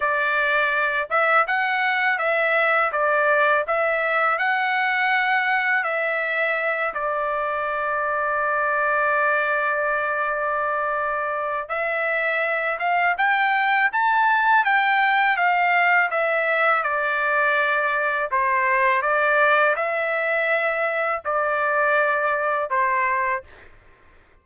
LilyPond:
\new Staff \with { instrumentName = "trumpet" } { \time 4/4 \tempo 4 = 82 d''4. e''8 fis''4 e''4 | d''4 e''4 fis''2 | e''4. d''2~ d''8~ | d''1 |
e''4. f''8 g''4 a''4 | g''4 f''4 e''4 d''4~ | d''4 c''4 d''4 e''4~ | e''4 d''2 c''4 | }